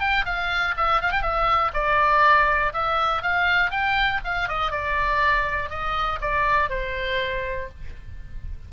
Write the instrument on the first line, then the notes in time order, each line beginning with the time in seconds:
oboe
0.00 G5
0.25 F5
0.77 E5
1.01 F5
1.12 G5
1.22 E5
1.74 D5
2.73 E5
3.23 F5
3.71 G5
4.24 F5
4.49 D#5
4.71 D5
5.70 D#5
6.21 D5
6.70 C5